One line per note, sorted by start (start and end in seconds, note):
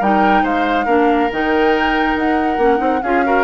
0.00 0.43 G3
0.00 0.87 D#4
0.00 0.43 A#4
0.00 0.46 G5
0.43 0.86 G#3
0.43 0.86 C5
0.43 1.32 F5
0.86 1.30 A#3
0.86 1.30 D4
0.86 3.01 A#4
1.32 2.16 D#3
1.32 2.60 D#4
1.32 2.18 G5
2.16 2.58 D#4
2.16 3.03 F#5
2.58 2.79 A#3
2.58 2.77 C#4
2.77 3.02 C4
2.77 2.99 D#4
3.03 3.45 C#4
3.03 3.25 F4
3.03 3.25 G#4
3.03 3.45 F5
3.25 3.45 F#4
3.25 3.45 A#4